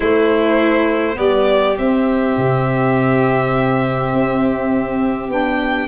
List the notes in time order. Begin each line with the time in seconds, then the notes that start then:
0.00 A3 E4 C5
1.14 G3 B3 G4 D5
1.77 C4 E5
2.37 C3
4.13 C4
5.28 B3 D4 G5